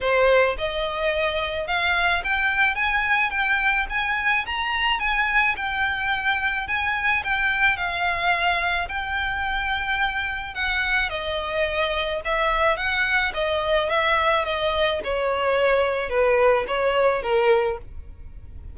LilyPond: \new Staff \with { instrumentName = "violin" } { \time 4/4 \tempo 4 = 108 c''4 dis''2 f''4 | g''4 gis''4 g''4 gis''4 | ais''4 gis''4 g''2 | gis''4 g''4 f''2 |
g''2. fis''4 | dis''2 e''4 fis''4 | dis''4 e''4 dis''4 cis''4~ | cis''4 b'4 cis''4 ais'4 | }